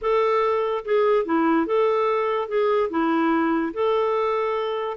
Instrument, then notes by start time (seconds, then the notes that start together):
clarinet
0.01 A4
0.84 G#4
1.25 E4
1.66 A4
2.48 G#4
2.90 E4
3.73 A4